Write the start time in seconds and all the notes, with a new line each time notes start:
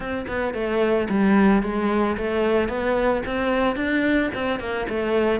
0.00 C4
0.27 B3
0.54 A3
1.09 G3
1.62 G#3
2.17 A3
2.68 B3
3.26 C4
3.76 D4
4.34 C4
4.59 A#3
4.89 A3